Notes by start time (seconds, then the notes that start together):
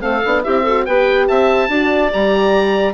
0.00 A3 C4 A4 F5
0.25 B3 D4
0.44 C4 E4 G4 E5
0.63 F#4 A4
0.85 B3 G4 B4 G5
1.28 C4 E5 A5
1.69 D4 F#4 D5
2.11 G3 G4 A#5